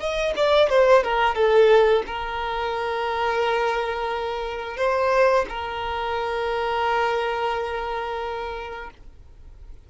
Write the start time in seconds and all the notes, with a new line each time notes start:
0.00 D#5
0.37 D5
0.70 C5
1.04 A#4
1.35 A4
2.07 A#4
4.78 C5
5.49 A#4